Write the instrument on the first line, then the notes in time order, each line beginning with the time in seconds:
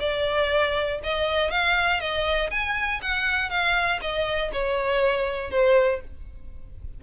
violin
0.00 D5
1.03 D#5
1.51 F5
2.00 D#5
2.51 G#5
3.02 F#5
3.50 F5
4.02 D#5
4.53 C#5
5.51 C5